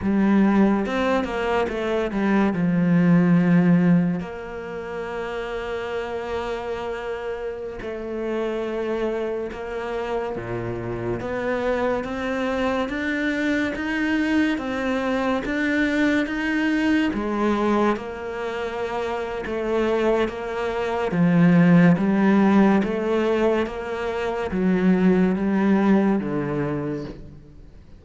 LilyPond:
\new Staff \with { instrumentName = "cello" } { \time 4/4 \tempo 4 = 71 g4 c'8 ais8 a8 g8 f4~ | f4 ais2.~ | ais4~ ais16 a2 ais8.~ | ais16 ais,4 b4 c'4 d'8.~ |
d'16 dis'4 c'4 d'4 dis'8.~ | dis'16 gis4 ais4.~ ais16 a4 | ais4 f4 g4 a4 | ais4 fis4 g4 d4 | }